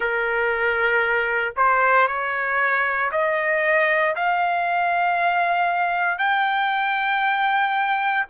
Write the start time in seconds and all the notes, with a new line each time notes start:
0.00 A#4
1.56 C5
2.07 C#5
3.11 D#5
4.15 F5
6.18 G5